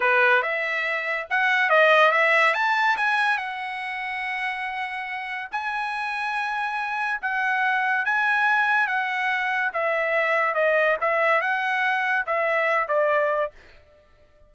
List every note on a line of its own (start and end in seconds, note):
0.00 0.42 B4
0.42 1.27 E5
1.30 1.69 F#5
1.69 2.11 D#5
2.11 2.54 E5
2.54 2.96 A5
2.96 3.37 G#5
3.37 5.48 F#5
5.51 7.20 G#5
7.21 8.05 F#5
8.05 8.87 G#5
8.87 9.71 F#5
9.73 10.54 E5
10.54 10.96 D#5
11.00 11.41 E5
11.41 12.25 F#5
12.26 12.88 E5
12.88 13.51 D5